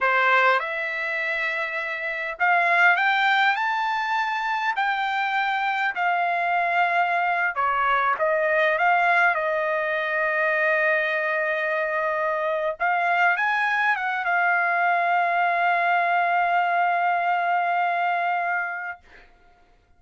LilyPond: \new Staff \with { instrumentName = "trumpet" } { \time 4/4 \tempo 4 = 101 c''4 e''2. | f''4 g''4 a''2 | g''2 f''2~ | f''8. cis''4 dis''4 f''4 dis''16~ |
dis''1~ | dis''4. f''4 gis''4 fis''8 | f''1~ | f''1 | }